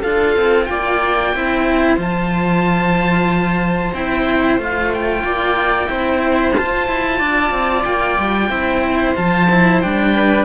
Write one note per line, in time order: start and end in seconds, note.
0.00 0.36 D4
0.00 1.33 F4
0.00 0.65 A4
0.00 0.64 F5
0.36 0.68 C4
0.64 1.34 A#3
0.64 1.35 D5
0.64 1.95 G5
1.34 1.97 C4
1.34 1.97 E4
1.34 5.23 C5
1.97 3.92 F3
1.97 3.93 F4
1.97 3.94 A5
3.93 4.57 C4
3.93 4.58 E4
3.93 4.59 G5
4.57 5.23 A3
4.57 5.86 F4
4.57 4.93 F5
4.93 6.54 G5
5.23 5.88 A#3
5.23 5.89 D5
5.86 6.54 C4
5.86 6.52 E4
5.86 7.18 C5
6.54 6.87 F4
6.54 8.49 F4
6.54 7.84 A5
6.87 7.20 E4
7.18 7.51 D4
7.18 8.48 D5
7.51 7.83 C4
7.84 8.18 A#3
7.84 9.14 G5
8.18 8.49 G3
8.49 9.14 C4
8.49 9.14 E4
8.49 10.13 C5
9.15 9.82 F3
9.15 9.48 F4
9.15 9.81 A5
9.50 9.82 E4
9.81 10.45 G3
9.81 10.45 D4
9.81 10.45 G5
10.13 10.45 B4